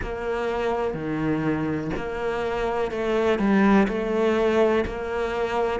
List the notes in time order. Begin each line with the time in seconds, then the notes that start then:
0.02 A#3
0.94 D#3
1.96 A#3
2.91 A3
3.38 G3
3.88 A3
4.85 A#3